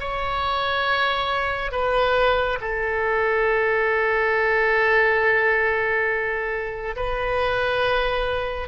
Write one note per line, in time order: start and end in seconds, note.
0.00 1.72 C#5
1.72 2.59 B4
2.61 6.96 A4
6.96 8.68 B4